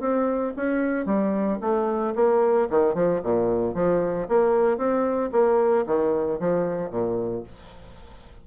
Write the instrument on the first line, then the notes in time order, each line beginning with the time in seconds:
bassoon
0.00 C4
0.56 C#4
1.06 G3
1.61 A3
2.15 A#3
2.70 D#3
2.94 F3
3.23 A#2
3.75 F3
4.28 A#3
4.77 C4
5.32 A#3
5.86 D#3
6.39 F3
6.90 A#2